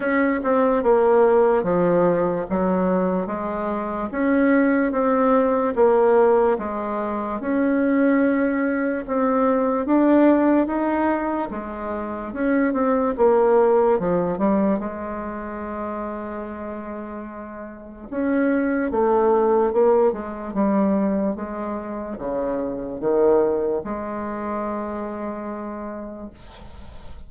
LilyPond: \new Staff \with { instrumentName = "bassoon" } { \time 4/4 \tempo 4 = 73 cis'8 c'8 ais4 f4 fis4 | gis4 cis'4 c'4 ais4 | gis4 cis'2 c'4 | d'4 dis'4 gis4 cis'8 c'8 |
ais4 f8 g8 gis2~ | gis2 cis'4 a4 | ais8 gis8 g4 gis4 cis4 | dis4 gis2. | }